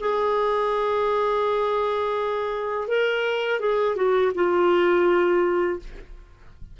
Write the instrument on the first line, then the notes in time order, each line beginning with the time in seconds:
clarinet
0.00 G#4
2.88 A#4
3.60 G#4
3.96 F#4
4.35 F4